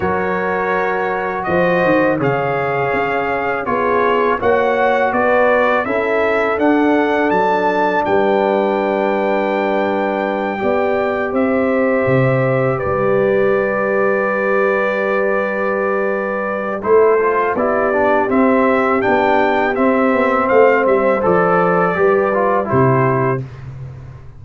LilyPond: <<
  \new Staff \with { instrumentName = "trumpet" } { \time 4/4 \tempo 4 = 82 cis''2 dis''4 f''4~ | f''4 cis''4 fis''4 d''4 | e''4 fis''4 a''4 g''4~ | g''2.~ g''8 e''8~ |
e''4. d''2~ d''8~ | d''2. c''4 | d''4 e''4 g''4 e''4 | f''8 e''8 d''2 c''4 | }
  \new Staff \with { instrumentName = "horn" } { \time 4/4 ais'2 c''4 cis''4~ | cis''4 gis'4 cis''4 b'4 | a'2. b'4~ | b'2~ b'8 d''4 c''8~ |
c''4. b'2~ b'8~ | b'2. a'4 | g'1 | c''2 b'4 g'4 | }
  \new Staff \with { instrumentName = "trombone" } { \time 4/4 fis'2. gis'4~ | gis'4 f'4 fis'2 | e'4 d'2.~ | d'2~ d'8 g'4.~ |
g'1~ | g'2. e'8 f'8 | e'8 d'8 c'4 d'4 c'4~ | c'4 a'4 g'8 f'8 e'4 | }
  \new Staff \with { instrumentName = "tuba" } { \time 4/4 fis2 f8 dis8 cis4 | cis'4 b4 ais4 b4 | cis'4 d'4 fis4 g4~ | g2~ g8 b4 c'8~ |
c'8 c4 g2~ g8~ | g2. a4 | b4 c'4 b4 c'8 b8 | a8 g8 f4 g4 c4 | }
>>